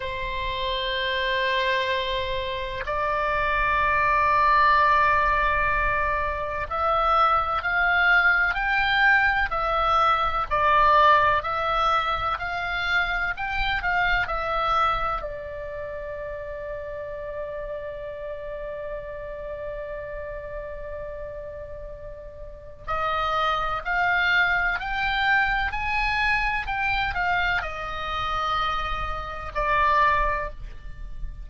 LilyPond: \new Staff \with { instrumentName = "oboe" } { \time 4/4 \tempo 4 = 63 c''2. d''4~ | d''2. e''4 | f''4 g''4 e''4 d''4 | e''4 f''4 g''8 f''8 e''4 |
d''1~ | d''1 | dis''4 f''4 g''4 gis''4 | g''8 f''8 dis''2 d''4 | }